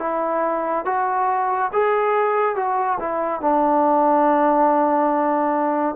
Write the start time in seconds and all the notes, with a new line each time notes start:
0.00 E4
0.86 F#4
1.73 G#4
2.56 F#4
3.00 E4
3.41 D4